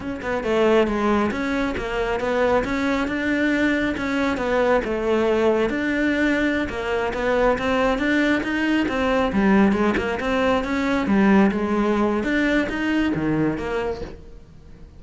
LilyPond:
\new Staff \with { instrumentName = "cello" } { \time 4/4 \tempo 4 = 137 cis'8 b8 a4 gis4 cis'4 | ais4 b4 cis'4 d'4~ | d'4 cis'4 b4 a4~ | a4 d'2~ d'16 ais8.~ |
ais16 b4 c'4 d'4 dis'8.~ | dis'16 c'4 g4 gis8 ais8 c'8.~ | c'16 cis'4 g4 gis4.~ gis16 | d'4 dis'4 dis4 ais4 | }